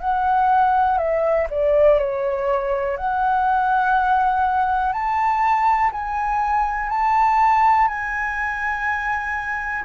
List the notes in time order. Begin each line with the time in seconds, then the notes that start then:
0.00 F#5
0.98 E5
1.50 D5
1.99 C#5
2.97 F#5
4.93 A5
5.92 G#5
6.89 A5
7.88 G#5